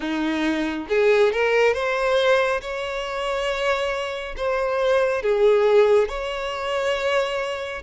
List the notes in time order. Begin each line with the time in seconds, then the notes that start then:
0.00 D#4
0.89 G#4
1.32 A#4
1.74 C5
2.61 C#5
4.37 C5
5.22 G#4
6.08 C#5